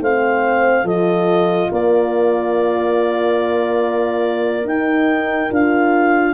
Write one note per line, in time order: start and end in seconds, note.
0.00 0.83 A3
0.00 0.85 C4
0.00 0.84 C5
0.00 0.86 F5
0.83 1.68 F3
0.83 4.65 F4
0.83 1.68 A4
0.83 1.71 D#5
1.71 4.64 A#3
1.71 6.34 A#4
1.71 4.67 D5
4.64 5.48 D#4
4.64 5.50 D#4
4.64 5.52 G5
5.50 6.34 D4
5.50 6.34 F4
5.50 6.34 F5